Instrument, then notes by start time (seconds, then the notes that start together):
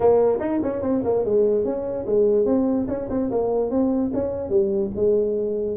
tuba
0.00 A#3
0.40 D#4
0.63 C#4
0.82 C4
1.04 A#3
1.25 G#3
1.64 C#4
2.05 G#3
2.45 C4
2.87 C#4
3.09 C4
3.30 A#3
3.70 C4
4.13 C#4
4.49 G3
4.95 G#3